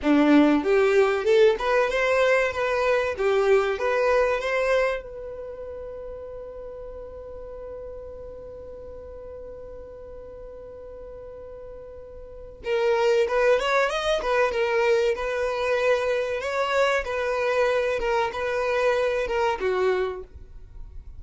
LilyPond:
\new Staff \with { instrumentName = "violin" } { \time 4/4 \tempo 4 = 95 d'4 g'4 a'8 b'8 c''4 | b'4 g'4 b'4 c''4 | b'1~ | b'1~ |
b'1 | ais'4 b'8 cis''8 dis''8 b'8 ais'4 | b'2 cis''4 b'4~ | b'8 ais'8 b'4. ais'8 fis'4 | }